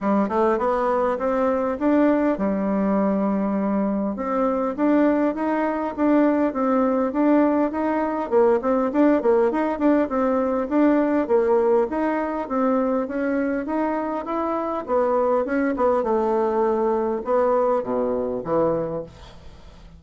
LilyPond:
\new Staff \with { instrumentName = "bassoon" } { \time 4/4 \tempo 4 = 101 g8 a8 b4 c'4 d'4 | g2. c'4 | d'4 dis'4 d'4 c'4 | d'4 dis'4 ais8 c'8 d'8 ais8 |
dis'8 d'8 c'4 d'4 ais4 | dis'4 c'4 cis'4 dis'4 | e'4 b4 cis'8 b8 a4~ | a4 b4 b,4 e4 | }